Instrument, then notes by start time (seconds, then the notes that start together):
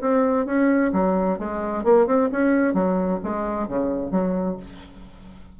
bassoon
0.00 C4
0.45 C#4
0.92 F#3
1.38 G#3
1.83 A#3
2.06 C4
2.31 C#4
2.73 F#3
3.23 G#3
3.67 C#3
4.11 F#3